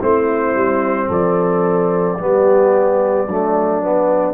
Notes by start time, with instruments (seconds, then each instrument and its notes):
0.00 tuba A3, trombone C4, horn E4, trumpet C5
0.55 tuba G3
1.08 tuba F3, horn A4, trumpet D5
2.19 tuba G3, trombone B3, horn G4
3.27 tuba F#3, trombone A3, horn D4
3.82 trombone B3